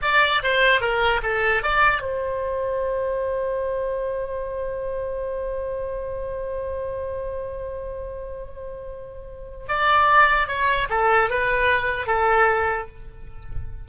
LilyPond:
\new Staff \with { instrumentName = "oboe" } { \time 4/4 \tempo 4 = 149 d''4 c''4 ais'4 a'4 | d''4 c''2.~ | c''1~ | c''1~ |
c''1~ | c''1 | d''2 cis''4 a'4 | b'2 a'2 | }